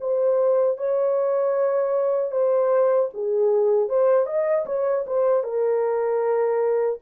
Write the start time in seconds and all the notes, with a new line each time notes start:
0.00 C5
0.77 C#5
2.31 C5
3.14 G#4
3.89 C5
4.26 D#5
4.66 C#5
5.06 C5
5.43 A#4